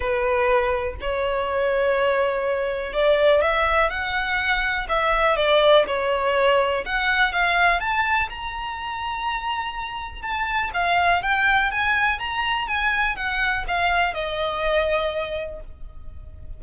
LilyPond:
\new Staff \with { instrumentName = "violin" } { \time 4/4 \tempo 4 = 123 b'2 cis''2~ | cis''2 d''4 e''4 | fis''2 e''4 d''4 | cis''2 fis''4 f''4 |
a''4 ais''2.~ | ais''4 a''4 f''4 g''4 | gis''4 ais''4 gis''4 fis''4 | f''4 dis''2. | }